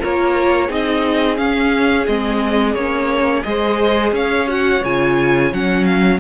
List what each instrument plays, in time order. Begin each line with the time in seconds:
0.00 cello A#3, viola F4, violin A#4 C#5
0.68 cello C4, viola D#4, violin G#4 D#5
1.37 viola C#4, cello C#4, violin F5
2.07 cello G#3, viola C4, violin D#5
2.74 cello A#3, viola C#4, violin C#5
3.43 cello G#3, viola G#4, violin C5 D#5
4.13 cello C#4, violin C#5 F5
4.48 viola F#4, violin F#5
4.85 cello C#3, viola F4, violin G#5
5.53 cello F#3, viola C#4, violin F#5
5.85 violin F5